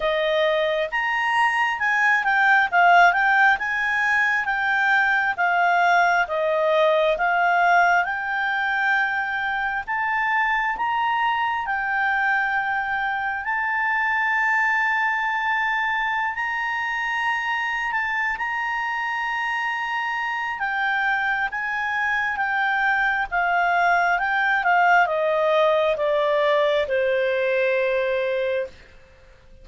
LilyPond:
\new Staff \with { instrumentName = "clarinet" } { \time 4/4 \tempo 4 = 67 dis''4 ais''4 gis''8 g''8 f''8 g''8 | gis''4 g''4 f''4 dis''4 | f''4 g''2 a''4 | ais''4 g''2 a''4~ |
a''2~ a''16 ais''4.~ ais''16 | a''8 ais''2~ ais''8 g''4 | gis''4 g''4 f''4 g''8 f''8 | dis''4 d''4 c''2 | }